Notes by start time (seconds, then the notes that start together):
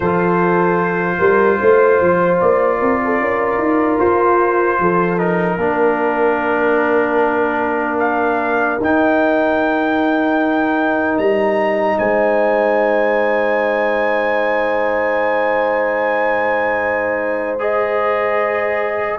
0.00 F3 F4 A4 C5
1.18 G3 A#4
1.61 A3 C5
2.00 F3
2.40 A#3 D5
2.79 C4 A#4
3.04 A4
3.20 C#4 A#4
3.58 D#4
3.99 F4 C5
4.79 F3 A4
5.18 D#4 A#4
5.57 A#3 D4 A#4
7.99 F5
8.80 D#4 G5
11.18 G3 A#5
11.98 G#3 C5 G#5
17.59 G#4 D#5